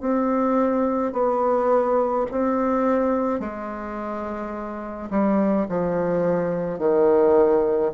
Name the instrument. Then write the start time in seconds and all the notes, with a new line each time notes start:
bassoon
0.00 C4
1.12 B3
2.31 C4
3.39 G#3
5.10 G3
5.69 F3
6.78 D#3